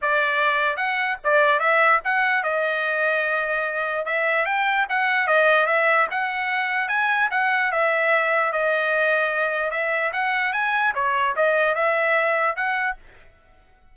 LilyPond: \new Staff \with { instrumentName = "trumpet" } { \time 4/4 \tempo 4 = 148 d''2 fis''4 d''4 | e''4 fis''4 dis''2~ | dis''2 e''4 g''4 | fis''4 dis''4 e''4 fis''4~ |
fis''4 gis''4 fis''4 e''4~ | e''4 dis''2. | e''4 fis''4 gis''4 cis''4 | dis''4 e''2 fis''4 | }